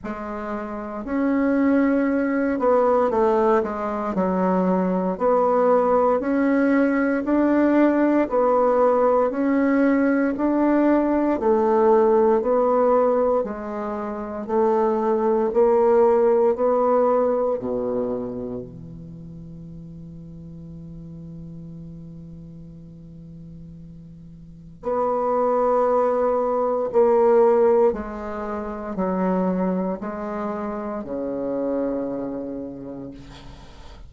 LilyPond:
\new Staff \with { instrumentName = "bassoon" } { \time 4/4 \tempo 4 = 58 gis4 cis'4. b8 a8 gis8 | fis4 b4 cis'4 d'4 | b4 cis'4 d'4 a4 | b4 gis4 a4 ais4 |
b4 b,4 e2~ | e1 | b2 ais4 gis4 | fis4 gis4 cis2 | }